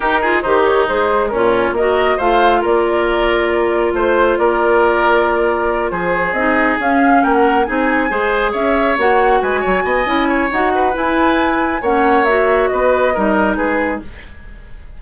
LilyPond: <<
  \new Staff \with { instrumentName = "flute" } { \time 4/4 \tempo 4 = 137 ais'4 c''8 cis''8 c''4 ais'4 | dis''4 f''4 d''2~ | d''4 c''4 d''2~ | d''4. c''4 dis''4 f''8~ |
f''8 g''16 fis''8. gis''2 e''8~ | e''8 fis''4 gis''2~ gis''8 | fis''4 gis''2 fis''4 | e''4 dis''2 b'4 | }
  \new Staff \with { instrumentName = "oboe" } { \time 4/4 g'8 gis'8 dis'2 cis'4 | ais'4 c''4 ais'2~ | ais'4 c''4 ais'2~ | ais'4. gis'2~ gis'8~ |
gis'8 ais'4 gis'4 c''4 cis''8~ | cis''4. b'8 cis''8 dis''4 cis''8~ | cis''8 b'2~ b'8 cis''4~ | cis''4 b'4 ais'4 gis'4 | }
  \new Staff \with { instrumentName = "clarinet" } { \time 4/4 dis'8 f'8 g'4 gis'4 f'4 | fis'4 f'2.~ | f'1~ | f'2~ f'8 dis'4 cis'8~ |
cis'4. dis'4 gis'4.~ | gis'8 fis'2~ fis'8 e'4 | fis'4 e'2 cis'4 | fis'2 dis'2 | }
  \new Staff \with { instrumentName = "bassoon" } { \time 4/4 dis'4 dis4 gis4 ais,4 | ais4 a4 ais2~ | ais4 a4 ais2~ | ais4. f4 c'4 cis'8~ |
cis'8 ais4 c'4 gis4 cis'8~ | cis'8 ais4 gis8 fis8 b8 cis'4 | dis'4 e'2 ais4~ | ais4 b4 g4 gis4 | }
>>